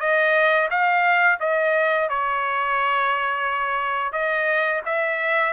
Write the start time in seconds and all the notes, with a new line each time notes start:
0.00 D#5
0.71 F5
1.40 D#5
2.09 C#5
4.12 D#5
4.86 E5